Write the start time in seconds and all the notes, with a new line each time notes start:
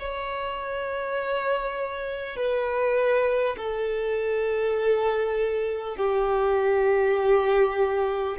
0.00 C#5
2.37 B4
3.58 A4
5.97 G4